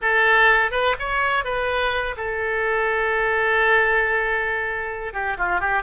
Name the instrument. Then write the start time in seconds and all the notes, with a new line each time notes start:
oboe
0.01 A4
0.71 B4
0.99 C#5
1.44 B4
2.16 A4
5.13 G4
5.37 F4
5.60 G4